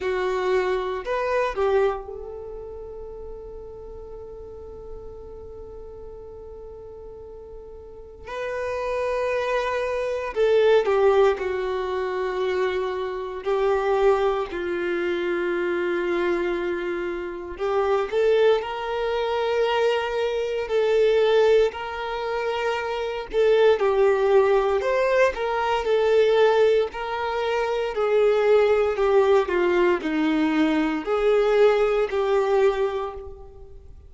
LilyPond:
\new Staff \with { instrumentName = "violin" } { \time 4/4 \tempo 4 = 58 fis'4 b'8 g'8 a'2~ | a'1 | b'2 a'8 g'8 fis'4~ | fis'4 g'4 f'2~ |
f'4 g'8 a'8 ais'2 | a'4 ais'4. a'8 g'4 | c''8 ais'8 a'4 ais'4 gis'4 | g'8 f'8 dis'4 gis'4 g'4 | }